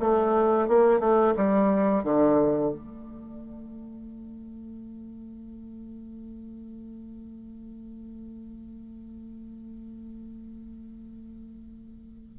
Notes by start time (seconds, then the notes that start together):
0.00 A3
0.68 A#3
0.99 A3
1.37 G3
2.04 D3
2.72 A3